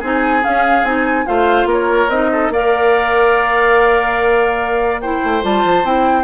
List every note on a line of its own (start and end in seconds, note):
0.00 0.44 C4
0.00 0.42 D#4
0.00 1.25 G#4
0.00 0.44 G#5
0.42 0.84 C#4
0.42 0.85 F5
0.84 1.25 C4
0.84 1.26 D#4
0.84 1.27 G#5
1.26 1.65 A3
1.26 2.09 F4
1.26 1.68 C5
1.26 1.69 F5
1.65 2.07 A#3
1.65 2.30 A#4
1.72 2.10 C#5
2.09 2.50 C4
2.09 2.54 D#4
2.09 2.52 D#5
2.33 2.53 A4
2.50 5.21 A#3
2.50 5.03 A#4
2.50 5.02 D5
2.50 5.01 F5
5.01 5.42 E4
5.01 6.24 C5
5.01 5.43 G5
5.24 5.44 A3
5.42 5.64 G3
5.42 5.84 F4
5.42 5.86 A5
5.65 5.84 F3
5.84 6.24 C4
5.84 6.24 E4
5.84 6.24 G5